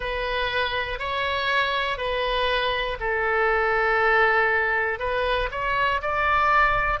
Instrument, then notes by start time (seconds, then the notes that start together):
oboe
0.00 B4
0.99 C#5
1.97 B4
3.00 A4
4.99 B4
5.51 C#5
6.01 D5